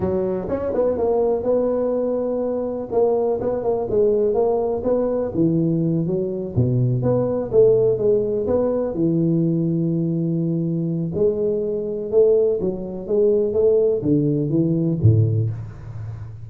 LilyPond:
\new Staff \with { instrumentName = "tuba" } { \time 4/4 \tempo 4 = 124 fis4 cis'8 b8 ais4 b4~ | b2 ais4 b8 ais8 | gis4 ais4 b4 e4~ | e8 fis4 b,4 b4 a8~ |
a8 gis4 b4 e4.~ | e2. gis4~ | gis4 a4 fis4 gis4 | a4 d4 e4 a,4 | }